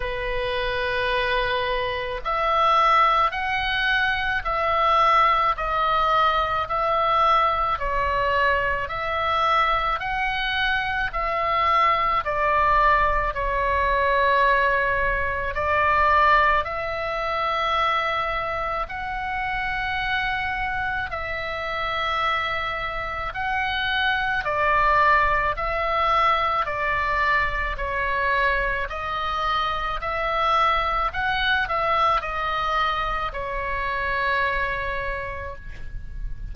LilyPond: \new Staff \with { instrumentName = "oboe" } { \time 4/4 \tempo 4 = 54 b'2 e''4 fis''4 | e''4 dis''4 e''4 cis''4 | e''4 fis''4 e''4 d''4 | cis''2 d''4 e''4~ |
e''4 fis''2 e''4~ | e''4 fis''4 d''4 e''4 | d''4 cis''4 dis''4 e''4 | fis''8 e''8 dis''4 cis''2 | }